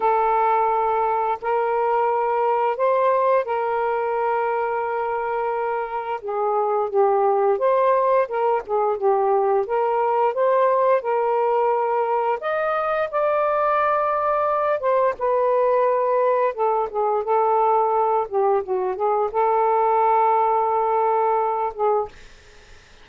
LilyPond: \new Staff \with { instrumentName = "saxophone" } { \time 4/4 \tempo 4 = 87 a'2 ais'2 | c''4 ais'2.~ | ais'4 gis'4 g'4 c''4 | ais'8 gis'8 g'4 ais'4 c''4 |
ais'2 dis''4 d''4~ | d''4. c''8 b'2 | a'8 gis'8 a'4. g'8 fis'8 gis'8 | a'2.~ a'8 gis'8 | }